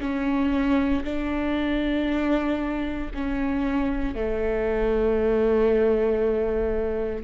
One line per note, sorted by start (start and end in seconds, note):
0.00 1.03 C#4
1.04 3.11 D4
3.14 4.15 C#4
4.15 7.24 A3